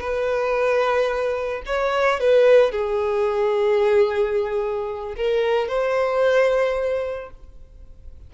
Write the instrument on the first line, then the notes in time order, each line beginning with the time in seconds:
violin
0.00 B4
1.66 C#5
2.20 B4
2.71 G#4
5.16 A#4
5.68 C5